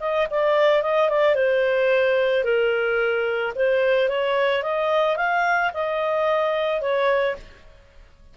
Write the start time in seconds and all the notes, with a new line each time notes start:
0.00 D#5
0.30 D5
0.83 D#5
1.09 D5
1.35 C5
2.44 A#4
3.55 C5
4.09 C#5
4.63 D#5
5.16 F5
5.74 D#5
6.81 C#5